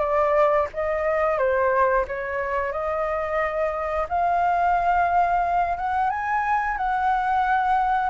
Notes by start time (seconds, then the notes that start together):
0.00 D5
0.74 D#5
1.38 C5
2.08 C#5
2.72 D#5
4.09 F5
5.78 F#5
6.10 G#5
6.78 F#5